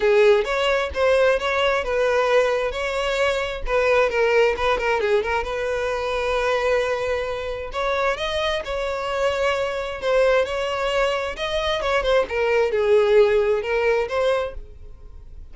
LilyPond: \new Staff \with { instrumentName = "violin" } { \time 4/4 \tempo 4 = 132 gis'4 cis''4 c''4 cis''4 | b'2 cis''2 | b'4 ais'4 b'8 ais'8 gis'8 ais'8 | b'1~ |
b'4 cis''4 dis''4 cis''4~ | cis''2 c''4 cis''4~ | cis''4 dis''4 cis''8 c''8 ais'4 | gis'2 ais'4 c''4 | }